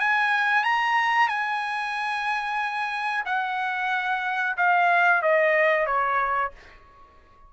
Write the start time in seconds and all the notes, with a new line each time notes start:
0.00 G#5
0.64 A#5
1.28 G#5
3.26 F#5
4.57 F5
5.22 D#5
5.86 C#5